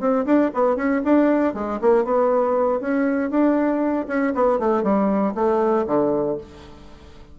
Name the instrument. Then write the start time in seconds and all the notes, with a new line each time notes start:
bassoon
0.00 C4
0.26 D4
0.54 B3
0.76 C#4
1.04 D4
1.54 G#3
1.81 A#3
2.05 B3
2.80 C#4
3.31 D4
4.08 C#4
4.35 B3
4.59 A3
4.83 G3
5.35 A3
5.87 D3